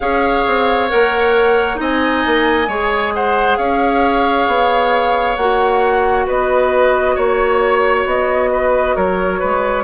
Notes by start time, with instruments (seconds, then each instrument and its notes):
0.00 bassoon C#4, clarinet G#4, oboe C#5, flute F5
0.46 bassoon C4
0.89 bassoon A#3, clarinet A#4, flute F#5
1.75 bassoon C4, clarinet D#4, oboe D#5
1.81 flute G#5
2.26 bassoon A#3
2.68 bassoon G#3, clarinet G#4, oboe C#5
3.14 oboe C5, flute F#5
3.57 bassoon C#4, oboe C#5, flute F5
4.47 bassoon B3
5.36 bassoon A#3, clarinet F#4, flute F#5
6.26 bassoon B3, oboe B4, flute D#5
7.15 bassoon A#3, oboe C#5, flute C#5
8.05 bassoon B3, flute D#5
8.51 oboe B4
8.95 bassoon F#3, oboe A#4, flute C#5
9.39 bassoon G#3, oboe B4